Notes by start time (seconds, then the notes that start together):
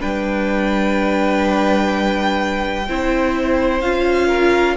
0.00 G3 D4 B4 G5
2.88 C4 E4 C5
3.81 C#4 F4 F5
4.27 A#4